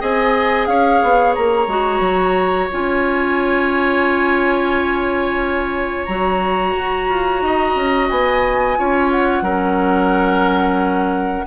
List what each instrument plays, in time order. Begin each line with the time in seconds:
0.00 bassoon C4, clarinet G#4, oboe D#5, flute G#5
0.66 bassoon C#4, oboe C#5, flute F5
1.03 bassoon B3
1.34 bassoon A#3, flute A#5
1.67 bassoon G#3, clarinet F#4
2.00 bassoon F#3
2.71 bassoon C#4, clarinet F4, flute G#5
6.05 bassoon F#3, clarinet F#4, flute A#5
6.76 bassoon F#4
7.09 bassoon F4
7.42 bassoon D#4, oboe D#5
7.76 bassoon C#4
8.09 bassoon B3, flute G#5
8.77 bassoon C#4, clarinet F4, oboe C#5
9.11 flute F#5
9.42 bassoon F#3, clarinet C#4, oboe A#4